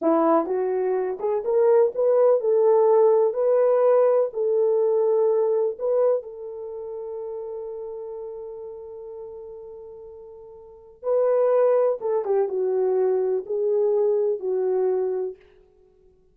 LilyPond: \new Staff \with { instrumentName = "horn" } { \time 4/4 \tempo 4 = 125 e'4 fis'4. gis'8 ais'4 | b'4 a'2 b'4~ | b'4 a'2. | b'4 a'2.~ |
a'1~ | a'2. b'4~ | b'4 a'8 g'8 fis'2 | gis'2 fis'2 | }